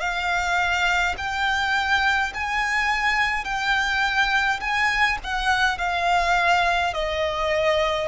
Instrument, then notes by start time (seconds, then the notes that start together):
violin
0.00 F5
1.17 G5
2.34 G#5
3.44 G5
4.60 G#5
5.23 F#5
5.78 F5
6.93 D#5